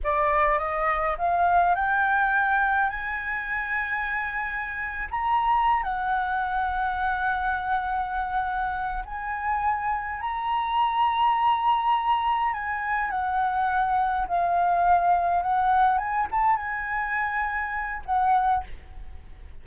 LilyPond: \new Staff \with { instrumentName = "flute" } { \time 4/4 \tempo 4 = 103 d''4 dis''4 f''4 g''4~ | g''4 gis''2.~ | gis''8. ais''4~ ais''16 fis''2~ | fis''2.~ fis''8 gis''8~ |
gis''4. ais''2~ ais''8~ | ais''4. gis''4 fis''4.~ | fis''8 f''2 fis''4 gis''8 | a''8 gis''2~ gis''8 fis''4 | }